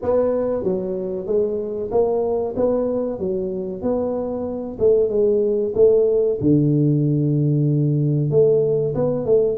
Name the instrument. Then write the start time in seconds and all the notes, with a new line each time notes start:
tuba
0.02 B3
0.63 F#3
1.26 G#3
1.91 A#3
2.56 B3
3.19 F#3
3.82 B3
4.79 A3
5.09 G#3
5.74 A3
6.40 D3
8.30 A3
8.94 B3
9.25 A3